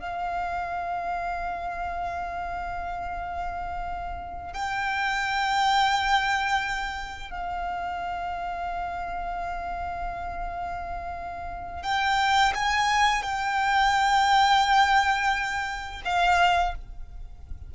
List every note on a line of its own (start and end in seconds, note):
0.00 4.53 F5
4.53 7.31 G5
7.31 11.83 F5
11.83 12.53 G5
12.55 13.23 G#5
13.23 16.02 G5
16.05 16.75 F5